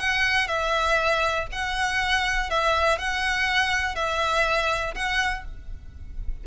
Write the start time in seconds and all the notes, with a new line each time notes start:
0.00 F#5
0.48 E5
1.52 F#5
2.50 E5
2.99 F#5
3.95 E5
4.95 F#5